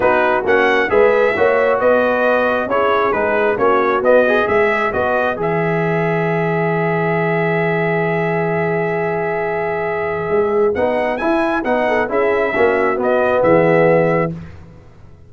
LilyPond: <<
  \new Staff \with { instrumentName = "trumpet" } { \time 4/4 \tempo 4 = 134 b'4 fis''4 e''2 | dis''2 cis''4 b'4 | cis''4 dis''4 e''4 dis''4 | e''1~ |
e''1~ | e''1 | fis''4 gis''4 fis''4 e''4~ | e''4 dis''4 e''2 | }
  \new Staff \with { instrumentName = "horn" } { \time 4/4 fis'2 b'4 cis''4 | b'2 gis'2 | fis'2 b'2~ | b'1~ |
b'1~ | b'1~ | b'2~ b'8 a'8 gis'4 | fis'2 gis'2 | }
  \new Staff \with { instrumentName = "trombone" } { \time 4/4 dis'4 cis'4 gis'4 fis'4~ | fis'2 e'4 dis'4 | cis'4 b8 gis'4. fis'4 | gis'1~ |
gis'1~ | gis'1 | dis'4 e'4 dis'4 e'4 | cis'4 b2. | }
  \new Staff \with { instrumentName = "tuba" } { \time 4/4 b4 ais4 gis4 ais4 | b2 cis'4 gis4 | ais4 b4 gis4 b4 | e1~ |
e1~ | e2. gis4 | b4 e'4 b4 cis'4 | ais4 b4 e2 | }
>>